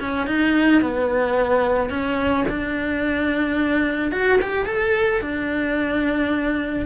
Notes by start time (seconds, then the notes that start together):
0.00 C#4
0.27 D#4
0.82 B3
1.90 C#4
2.49 D4
4.12 F#4
4.42 G4
4.66 A4
5.21 D4